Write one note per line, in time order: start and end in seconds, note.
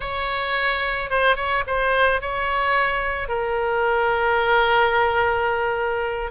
0.00 1.10 C#5
1.10 1.36 C5
1.36 1.63 C#5
1.66 2.21 C5
2.21 3.28 C#5
3.28 6.31 A#4